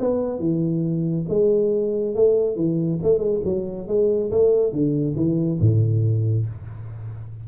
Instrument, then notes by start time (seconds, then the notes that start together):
tuba
0.00 B3
0.40 E3
1.29 G#3
2.15 A3
2.56 E3
3.03 A3
3.19 G#3
3.45 F#3
3.88 G#3
4.32 A3
4.73 D3
5.16 E3
5.60 A2